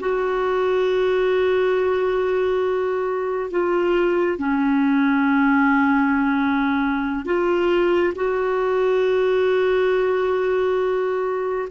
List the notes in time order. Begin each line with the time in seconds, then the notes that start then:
0.00 F#4
3.51 F4
4.38 C#4
7.25 F4
8.15 F#4